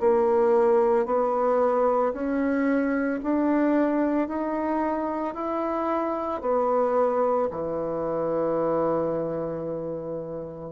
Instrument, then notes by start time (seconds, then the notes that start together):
bassoon
0.00 A#3
1.06 B3
2.13 C#4
3.23 D4
4.28 D#4
5.35 E4
6.41 B3
7.51 E3